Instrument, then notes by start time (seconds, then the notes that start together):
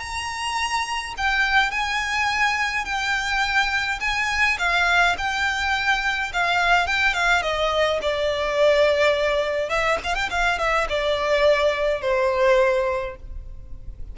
violin
0.00 A#5
1.18 G5
1.71 G#5
2.85 G5
4.00 G#5
4.59 F5
5.18 G5
6.33 F5
6.87 G5
7.14 F5
7.43 D#5
8.02 D5
9.70 E5
10.04 F5
10.15 G5
10.30 F5
10.59 E5
10.89 D5
12.02 C5